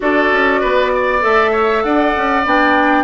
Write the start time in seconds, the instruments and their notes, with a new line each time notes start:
0.00 bassoon D4, clarinet F#4, oboe A4, flute D5
0.32 bassoon C#4
0.60 bassoon B3, oboe B4
0.95 oboe D5
1.20 bassoon A3, clarinet A4, flute E5
1.51 oboe C#5
1.83 bassoon D4, oboe D5, flute F#5
2.16 bassoon C#4
2.45 bassoon B3, clarinet D4, flute G5